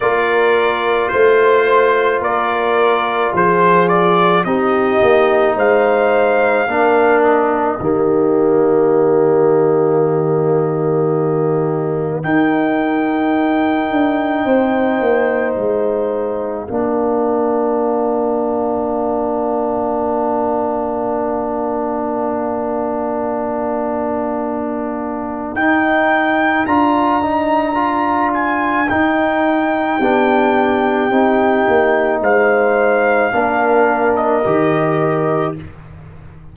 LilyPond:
<<
  \new Staff \with { instrumentName = "trumpet" } { \time 4/4 \tempo 4 = 54 d''4 c''4 d''4 c''8 d''8 | dis''4 f''4. dis''4.~ | dis''2. g''4~ | g''2 f''2~ |
f''1~ | f''2. g''4 | ais''4. gis''8 g''2~ | g''4 f''4.~ f''16 dis''4~ dis''16 | }
  \new Staff \with { instrumentName = "horn" } { \time 4/4 ais'4 c''4 ais'4 gis'4 | g'4 c''4 ais'4 g'4~ | g'2. ais'4~ | ais'4 c''2 ais'4~ |
ais'1~ | ais'1~ | ais'2. g'4~ | g'4 c''4 ais'2 | }
  \new Staff \with { instrumentName = "trombone" } { \time 4/4 f'1 | dis'2 d'4 ais4~ | ais2. dis'4~ | dis'2. d'4~ |
d'1~ | d'2. dis'4 | f'8 dis'8 f'4 dis'4 d'4 | dis'2 d'4 g'4 | }
  \new Staff \with { instrumentName = "tuba" } { \time 4/4 ais4 a4 ais4 f4 | c'8 ais8 gis4 ais4 dis4~ | dis2. dis'4~ | dis'8 d'8 c'8 ais8 gis4 ais4~ |
ais1~ | ais2. dis'4 | d'2 dis'4 b4 | c'8 ais8 gis4 ais4 dis4 | }
>>